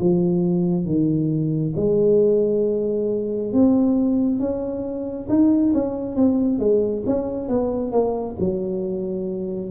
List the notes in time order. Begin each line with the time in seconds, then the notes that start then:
0.00 F3
0.85 D#3
1.76 G#3
3.53 C4
4.40 C#4
5.29 D#4
5.74 C#4
6.16 C4
6.59 G#3
7.06 C#4
7.49 B3
7.92 A#3
8.39 F#3